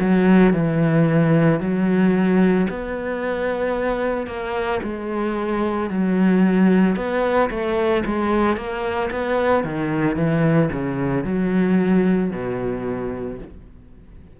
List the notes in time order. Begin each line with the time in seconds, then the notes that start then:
0.00 F#3
0.53 E3
1.60 F#3
2.69 B3
4.27 A#3
4.83 G#3
5.90 F#3
6.96 B3
7.50 A3
8.06 G#3
8.57 A#3
9.10 B3
9.64 D#3
10.16 E3
10.72 C#3
11.25 F#3
12.31 B2